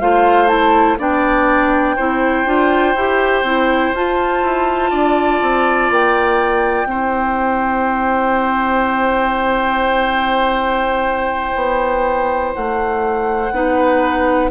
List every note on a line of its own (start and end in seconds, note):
0.00 0.99 A3
0.00 0.48 F4
0.00 0.99 C5
0.00 0.49 F5
0.48 0.97 E4
0.48 0.98 A5
0.99 1.97 B3
0.99 1.98 D4
0.99 1.96 D5
0.99 3.95 G5
1.96 2.46 C4
1.96 2.46 E4
1.96 4.91 C5
2.46 2.95 D4
2.46 2.95 F4
2.95 3.43 E4
2.95 3.45 G4
3.43 3.92 C4
3.43 3.94 E4
3.94 4.43 F4
3.94 6.87 F4
3.94 5.92 A5
4.43 4.92 E4
4.91 5.41 D4
4.91 6.88 D5
5.42 5.91 C4
5.91 6.86 A#3
5.91 12.54 G5
6.86 11.53 C4
6.86 13.51 E4
6.86 13.54 C5
11.55 12.54 B3
12.54 13.52 A3
12.54 14.51 F#5
13.52 14.50 B3
13.52 14.51 D#4
13.52 14.51 B4